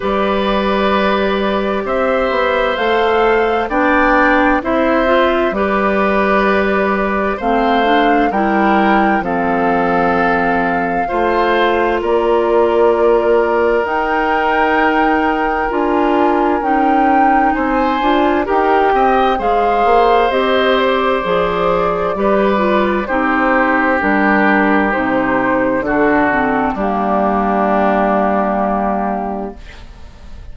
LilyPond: <<
  \new Staff \with { instrumentName = "flute" } { \time 4/4 \tempo 4 = 65 d''2 e''4 f''4 | g''4 e''4 d''2 | f''4 g''4 f''2~ | f''4 d''2 g''4~ |
g''4 gis''4 g''4 gis''4 | g''4 f''4 dis''8 d''4.~ | d''4 c''4 ais'4 c''4 | a'4 g'2. | }
  \new Staff \with { instrumentName = "oboe" } { \time 4/4 b'2 c''2 | d''4 c''4 b'2 | c''4 ais'4 a'2 | c''4 ais'2.~ |
ais'2. c''4 | ais'8 dis''8 c''2. | b'4 g'2. | fis'4 d'2. | }
  \new Staff \with { instrumentName = "clarinet" } { \time 4/4 g'2. a'4 | d'4 e'8 f'8 g'2 | c'8 d'8 e'4 c'2 | f'2. dis'4~ |
dis'4 f'4 dis'4. f'8 | g'4 gis'4 g'4 gis'4 | g'8 f'8 dis'4 d'4 dis'4 | d'8 c'8 ais2. | }
  \new Staff \with { instrumentName = "bassoon" } { \time 4/4 g2 c'8 b8 a4 | b4 c'4 g2 | a4 g4 f2 | a4 ais2 dis'4~ |
dis'4 d'4 cis'4 c'8 d'8 | dis'8 c'8 gis8 ais8 c'4 f4 | g4 c'4 g4 c4 | d4 g2. | }
>>